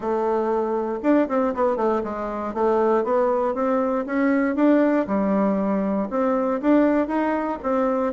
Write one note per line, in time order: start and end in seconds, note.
0.00 0.99 A3
1.02 1.28 D4
1.28 1.54 C4
1.54 1.76 B3
1.76 2.02 A3
2.03 2.54 G#3
2.54 3.04 A3
3.04 3.54 B3
3.54 4.05 C4
4.06 4.55 C#4
4.55 5.06 D4
5.07 6.09 G3
6.09 6.60 C4
6.61 7.07 D4
7.07 7.58 D#4
7.62 8.13 C4